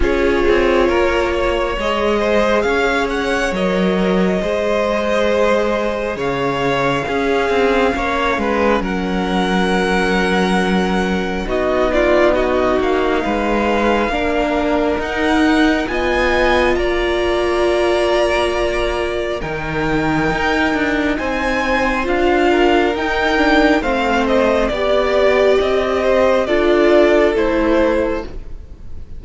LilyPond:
<<
  \new Staff \with { instrumentName = "violin" } { \time 4/4 \tempo 4 = 68 cis''2 dis''4 f''8 fis''8 | dis''2. f''4~ | f''2 fis''2~ | fis''4 dis''8 d''8 dis''8 f''4.~ |
f''4 fis''4 gis''4 ais''4~ | ais''2 g''2 | gis''4 f''4 g''4 f''8 dis''8 | d''4 dis''4 d''4 c''4 | }
  \new Staff \with { instrumentName = "violin" } { \time 4/4 gis'4 ais'8 cis''4 c''8 cis''4~ | cis''4 c''2 cis''4 | gis'4 cis''8 b'8 ais'2~ | ais'4 fis'8 f'8 fis'4 b'4 |
ais'2 dis''4 d''4~ | d''2 ais'2 | c''4. ais'4. c''4 | d''4. c''8 a'2 | }
  \new Staff \with { instrumentName = "viola" } { \time 4/4 f'2 gis'2 | ais'4 gis'2. | cis'1~ | cis'4 dis'2. |
d'4 dis'4 f'2~ | f'2 dis'2~ | dis'4 f'4 dis'8 d'8 c'4 | g'2 f'4 e'4 | }
  \new Staff \with { instrumentName = "cello" } { \time 4/4 cis'8 c'8 ais4 gis4 cis'4 | fis4 gis2 cis4 | cis'8 c'8 ais8 gis8 fis2~ | fis4 b4. ais8 gis4 |
ais4 dis'4 b4 ais4~ | ais2 dis4 dis'8 d'8 | c'4 d'4 dis'4 a4 | b4 c'4 d'4 a4 | }
>>